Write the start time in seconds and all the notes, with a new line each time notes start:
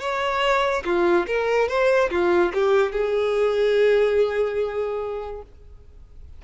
0.00 C#5
0.85 F4
1.27 A#4
1.69 C5
2.11 F4
2.53 G4
2.92 G#4